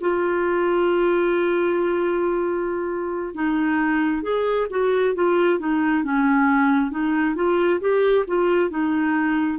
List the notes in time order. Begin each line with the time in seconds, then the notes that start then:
0.00 F4
3.34 D#4
4.22 G#4
4.70 F#4
5.15 F4
5.59 D#4
6.04 C#4
6.91 D#4
7.35 F4
7.80 G4
8.27 F4
8.69 D#4